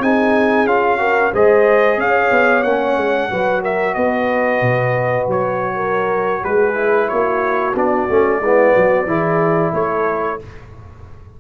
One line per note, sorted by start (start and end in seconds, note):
0.00 0.66 C4
0.00 0.68 D#4
0.00 1.00 G#4
0.00 0.67 G#5
0.66 1.32 C#4
0.66 0.99 F4
0.66 1.33 F5
0.99 1.32 F#4
0.99 1.33 A#4
1.33 1.98 G#3
1.33 2.66 G#4
1.33 1.99 C5
1.33 2.01 D#5
1.98 2.31 C#4
1.98 3.32 C#5
1.98 2.64 F5
2.32 2.64 B3
2.64 2.97 A#3
2.64 3.31 C#4
2.64 3.62 F#5
2.97 3.30 G#3
3.31 3.96 F#3
3.31 6.75 F#4
3.31 3.62 B4
3.62 3.95 A#4
3.62 3.95 E5
3.95 4.62 B3
3.95 5.76 B4
3.95 5.27 D#5
4.62 5.28 B2
5.28 6.43 F#3
5.28 6.45 C#5
5.76 6.42 A#4
6.43 7.11 G#3
6.43 7.09 G#4
6.43 7.09 B4
6.75 7.73 E4
7.09 7.75 A#3
7.09 8.41 F#4
7.09 7.75 C#5
7.75 8.08 B3
7.75 8.09 D4
7.75 9.75 D5
8.10 8.41 A3
8.10 8.43 C#4
8.41 8.74 G#3
8.41 9.08 B3
8.41 8.75 E4
8.75 9.06 F#3
8.75 9.08 F#4
9.06 9.72 E3
9.06 10.40 E4
9.06 9.72 G#4
9.72 10.40 A3
9.72 10.38 A4
9.72 10.41 C#5